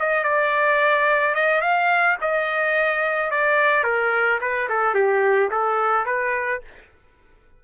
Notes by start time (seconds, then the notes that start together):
0.00 D#5
0.24 D5
1.35 D#5
1.62 F5
2.21 D#5
3.31 D5
3.84 A#4
4.41 B4
4.69 A4
4.95 G4
5.51 A4
6.06 B4